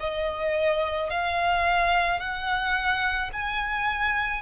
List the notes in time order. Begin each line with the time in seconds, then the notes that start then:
0.00 D#5
1.10 F5
2.19 F#5
3.32 G#5